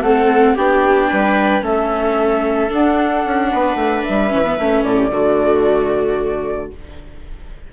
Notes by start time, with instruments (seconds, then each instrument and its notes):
0.00 bassoon A3, viola C4 A4, flute F#5
0.55 bassoon B3, viola D4 G4, flute G5
1.09 bassoon G3, viola B4
1.61 bassoon A3, viola C#4 A4, flute E5
2.69 viola D4, bassoon D4, flute F#5
3.25 bassoon C#4
3.52 bassoon B3, viola B4
3.75 bassoon A3
4.04 bassoon G3, flute E5
4.29 bassoon E3, viola C#4
4.45 viola B3
4.58 bassoon A3, viola C#4
4.83 bassoon A2, viola A4, flute D5
4.97 viola G4
5.10 bassoon D3, viola A3 F#4